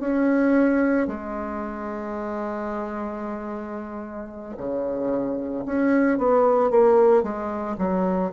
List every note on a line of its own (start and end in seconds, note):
0.00 1.07 C#4
1.07 4.55 G#3
4.57 5.64 C#3
5.65 6.18 C#4
6.18 6.70 B3
6.70 7.23 A#3
7.23 7.76 G#3
7.78 8.31 F#3